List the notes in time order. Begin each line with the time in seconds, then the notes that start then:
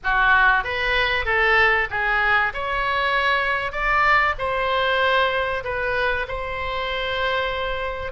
0.03 F#4
0.64 B4
1.25 A4
1.90 G#4
2.53 C#5
3.72 D5
4.38 C5
5.64 B4
6.28 C5